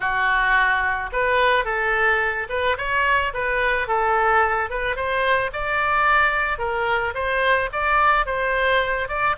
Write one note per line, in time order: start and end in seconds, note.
0.00 1.10 F#4
1.12 1.64 B4
1.64 2.47 A4
2.49 2.76 B4
2.77 3.32 C#5
3.33 3.87 B4
3.87 4.70 A4
4.70 4.95 B4
4.95 5.50 C5
5.52 6.58 D5
6.58 7.13 A#4
7.14 7.69 C5
7.72 8.26 D5
8.26 9.08 C5
9.08 9.36 D5